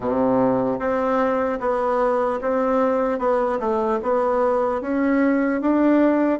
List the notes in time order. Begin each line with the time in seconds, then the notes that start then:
0.00 C3
0.79 C4
1.60 B3
2.41 C4
3.18 B3
3.59 A3
4.02 B3
4.81 C#4
5.61 D4